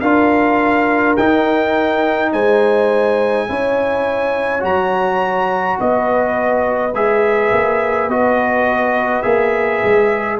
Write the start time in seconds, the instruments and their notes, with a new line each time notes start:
0.00 tuba D4, trombone F4, horn A#4, trumpet F5
1.16 tuba D#4, trombone D#4, trumpet G5
2.32 tuba G#3, horn C5, trumpet G#5
3.48 tuba C#4, trombone E4, horn C#5
4.60 tuba F#3, trombone F#4, trumpet A#5
5.78 tuba B3, horn B4, trumpet D#5
6.94 tuba G#3, trombone G#4, trumpet E5
7.51 tuba A#3
8.08 tuba B3, trombone F#4, trumpet D#5
9.22 tuba A#3, trombone G#4, trumpet E5
9.83 tuba G#3